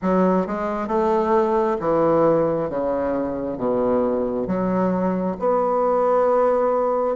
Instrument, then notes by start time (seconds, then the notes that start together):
bassoon
0.02 F#3
0.46 G#3
0.87 A3
1.80 E3
2.69 C#3
3.57 B2
4.47 F#3
5.39 B3